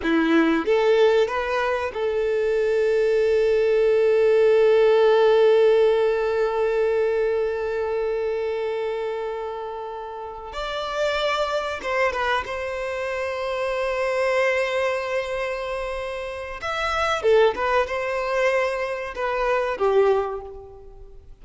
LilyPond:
\new Staff \with { instrumentName = "violin" } { \time 4/4 \tempo 4 = 94 e'4 a'4 b'4 a'4~ | a'1~ | a'1~ | a'1~ |
a'8 d''2 c''8 b'8 c''8~ | c''1~ | c''2 e''4 a'8 b'8 | c''2 b'4 g'4 | }